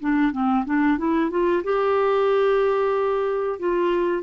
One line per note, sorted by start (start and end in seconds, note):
0.00 0.32 D4
0.32 0.65 C4
0.66 0.98 D4
0.98 1.30 E4
1.30 1.63 F4
1.64 3.59 G4
3.60 4.23 F4